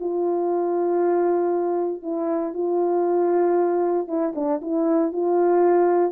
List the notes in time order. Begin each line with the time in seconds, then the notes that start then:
0.00 F4
2.03 E4
2.54 F4
4.07 E4
4.35 D4
4.62 E4
5.13 F4